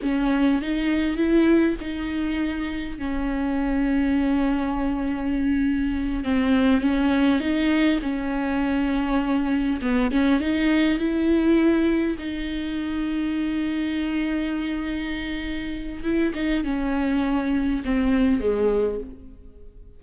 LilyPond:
\new Staff \with { instrumentName = "viola" } { \time 4/4 \tempo 4 = 101 cis'4 dis'4 e'4 dis'4~ | dis'4 cis'2.~ | cis'2~ cis'8 c'4 cis'8~ | cis'8 dis'4 cis'2~ cis'8~ |
cis'8 b8 cis'8 dis'4 e'4.~ | e'8 dis'2.~ dis'8~ | dis'2. e'8 dis'8 | cis'2 c'4 gis4 | }